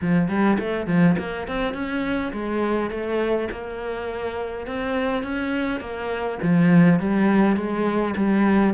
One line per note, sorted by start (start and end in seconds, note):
0.01 0.28 F3
0.28 0.57 G3
0.59 0.87 A3
0.87 1.16 F3
1.18 1.47 A#3
1.47 1.73 C4
1.73 2.31 C#4
2.32 2.90 G#3
2.90 3.48 A3
3.51 4.66 A#3
4.66 5.23 C4
5.23 5.80 C#4
5.80 6.38 A#3
6.42 6.99 F3
6.99 7.56 G3
7.56 8.14 G#3
8.16 8.74 G3